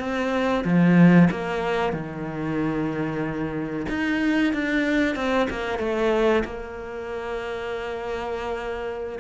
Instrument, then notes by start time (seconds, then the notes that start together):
cello
0.00 C4
0.65 F3
1.31 A#3
1.93 D#3
3.89 D#4
4.54 D4
5.16 C4
5.50 A#3
5.79 A3
6.45 A#3